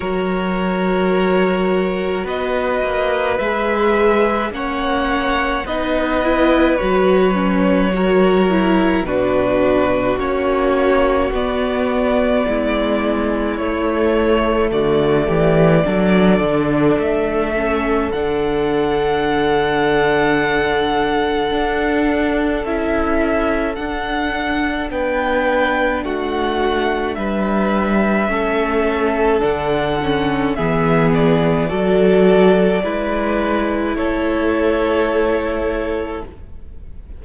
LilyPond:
<<
  \new Staff \with { instrumentName = "violin" } { \time 4/4 \tempo 4 = 53 cis''2 dis''4 e''4 | fis''4 dis''4 cis''2 | b'4 cis''4 d''2 | cis''4 d''2 e''4 |
fis''1 | e''4 fis''4 g''4 fis''4 | e''2 fis''4 e''8 d''8~ | d''2 cis''2 | }
  \new Staff \with { instrumentName = "violin" } { \time 4/4 ais'2 b'2 | cis''4 b'2 ais'4 | fis'2. e'4~ | e'4 fis'8 g'8 a'2~ |
a'1~ | a'2 b'4 fis'4 | b'4 a'2 gis'4 | a'4 b'4 a'2 | }
  \new Staff \with { instrumentName = "viola" } { \time 4/4 fis'2. gis'4 | cis'4 dis'8 e'8 fis'8 cis'8 fis'8 e'8 | d'4 cis'4 b2 | a2 d'4. cis'8 |
d'1 | e'4 d'2.~ | d'4 cis'4 d'8 cis'8 b4 | fis'4 e'2. | }
  \new Staff \with { instrumentName = "cello" } { \time 4/4 fis2 b8 ais8 gis4 | ais4 b4 fis2 | b,4 ais4 b4 gis4 | a4 d8 e8 fis8 d8 a4 |
d2. d'4 | cis'4 d'4 b4 a4 | g4 a4 d4 e4 | fis4 gis4 a2 | }
>>